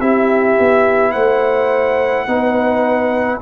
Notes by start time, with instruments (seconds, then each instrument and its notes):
0.00 tuba C4, trombone E4, horn G4, trumpet E5
0.59 tuba B3
1.12 tuba A3, horn C5, trumpet F#5
2.27 tuba B3, trombone D#4, horn B4